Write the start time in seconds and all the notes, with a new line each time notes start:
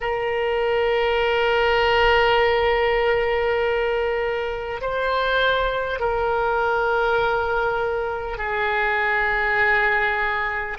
0.01 A#4
4.81 C5
5.99 A#4
8.37 G#4